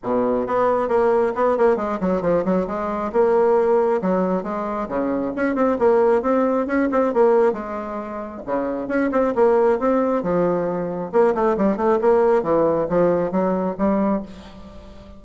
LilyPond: \new Staff \with { instrumentName = "bassoon" } { \time 4/4 \tempo 4 = 135 b,4 b4 ais4 b8 ais8 | gis8 fis8 f8 fis8 gis4 ais4~ | ais4 fis4 gis4 cis4 | cis'8 c'8 ais4 c'4 cis'8 c'8 |
ais4 gis2 cis4 | cis'8 c'8 ais4 c'4 f4~ | f4 ais8 a8 g8 a8 ais4 | e4 f4 fis4 g4 | }